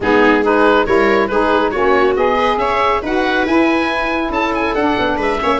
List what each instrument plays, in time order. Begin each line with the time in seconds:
0.00 tuba G#3, saxophone B3, viola D#4, oboe G#4
0.42 saxophone D#4, viola G#4, oboe B4
0.86 tuba G3, saxophone E4, viola A#4, oboe C#5
1.27 tuba G#3, saxophone D#4, viola G#4, oboe B4
1.70 tuba A#3, saxophone C#4, viola F#4, oboe C#5
2.16 tuba B3, saxophone G#4, oboe D#5
2.36 viola B4
2.57 tuba C#4, viola C#5, oboe E5
3.02 tuba D#4, saxophone F#4, viola B4, oboe F#5
3.46 tuba E4, saxophone E4, oboe G#5
4.30 tuba C#4, viola A4, oboe A5
4.54 oboe G#5
4.74 tuba D4, saxophone D4, oboe F#5
4.98 tuba B3
5.17 tuba G#3, viola B4, oboe E5
5.39 tuba A#3, saxophone C#4, viola C#5